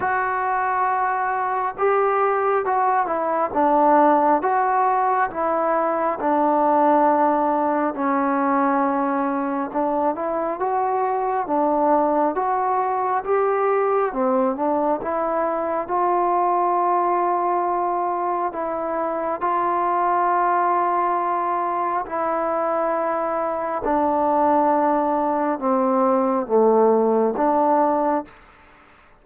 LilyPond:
\new Staff \with { instrumentName = "trombone" } { \time 4/4 \tempo 4 = 68 fis'2 g'4 fis'8 e'8 | d'4 fis'4 e'4 d'4~ | d'4 cis'2 d'8 e'8 | fis'4 d'4 fis'4 g'4 |
c'8 d'8 e'4 f'2~ | f'4 e'4 f'2~ | f'4 e'2 d'4~ | d'4 c'4 a4 d'4 | }